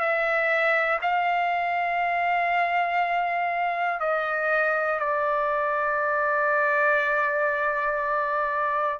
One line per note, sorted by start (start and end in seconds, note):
0.00 1.00 E5
1.02 4.01 F5
4.01 5.00 D#5
5.00 9.00 D5